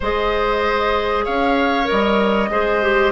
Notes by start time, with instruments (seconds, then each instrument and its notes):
0.00 bassoon G#3, clarinet G#4, oboe C5, flute D#5
1.24 bassoon C#4, oboe C#5, flute F5
1.84 clarinet A#4, flute D#5
1.91 bassoon G3
2.49 bassoon G#3, clarinet G#4, oboe C5
2.82 clarinet G4